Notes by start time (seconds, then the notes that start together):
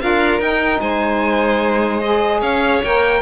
0.00 D4 F4 A#4 F5
0.40 D#4 G5
0.80 G#3 C5 G#5
2.00 G#4 D#5
2.40 C#4 C#5 F5
2.83 A#3 A#4 G5